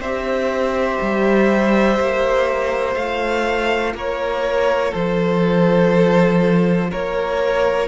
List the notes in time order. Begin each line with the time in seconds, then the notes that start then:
0.00 C4 G4 C5 E5
1.01 G3
2.00 A#3
2.95 A3 F4 F5
3.95 A#3 A#4 C#5
4.91 F3 A4 C5
6.91 A#3 A#4 C#5